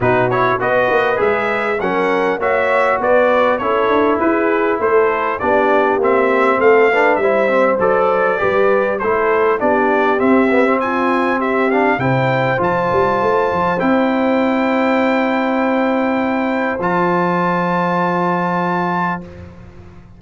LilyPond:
<<
  \new Staff \with { instrumentName = "trumpet" } { \time 4/4 \tempo 4 = 100 b'8 cis''8 dis''4 e''4 fis''4 | e''4 d''4 cis''4 b'4 | c''4 d''4 e''4 f''4 | e''4 d''2 c''4 |
d''4 e''4 gis''4 e''8 f''8 | g''4 a''2 g''4~ | g''1 | a''1 | }
  \new Staff \with { instrumentName = "horn" } { \time 4/4 fis'4 b'2 ais'4 | cis''4 b'4 a'4 gis'4 | a'4 g'2 a'8 b'8 | c''2 b'4 a'4 |
g'2 f'4 g'4 | c''1~ | c''1~ | c''1 | }
  \new Staff \with { instrumentName = "trombone" } { \time 4/4 dis'8 e'8 fis'4 gis'4 cis'4 | fis'2 e'2~ | e'4 d'4 c'4. d'8 | e'8 c'8 a'4 g'4 e'4 |
d'4 c'8 b16 c'4.~ c'16 d'8 | e'4 f'2 e'4~ | e'1 | f'1 | }
  \new Staff \with { instrumentName = "tuba" } { \time 4/4 b,4 b8 ais8 gis4 fis4 | ais4 b4 cis'8 d'8 e'4 | a4 b4 ais4 a4 | g4 fis4 g4 a4 |
b4 c'2. | c4 f8 g8 a8 f8 c'4~ | c'1 | f1 | }
>>